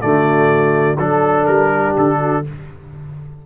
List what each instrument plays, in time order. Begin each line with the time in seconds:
0.00 tuba D3, trombone A3, horn F#4, trumpet D5
0.98 tuba F#3, trombone D4, trumpet A4, horn A4
1.45 tuba G3, trumpet A#4
1.71 horn G4
1.96 tuba D3, trumpet A4
2.19 horn F#4